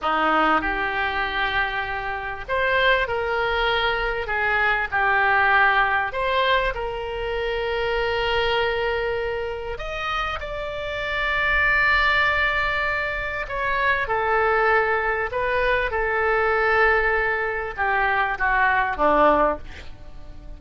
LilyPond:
\new Staff \with { instrumentName = "oboe" } { \time 4/4 \tempo 4 = 98 dis'4 g'2. | c''4 ais'2 gis'4 | g'2 c''4 ais'4~ | ais'1 |
dis''4 d''2.~ | d''2 cis''4 a'4~ | a'4 b'4 a'2~ | a'4 g'4 fis'4 d'4 | }